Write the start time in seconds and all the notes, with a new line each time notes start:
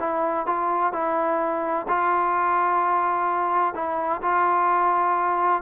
0.00 E4
0.47 F4
0.93 E4
1.89 F4
3.75 E4
4.22 F4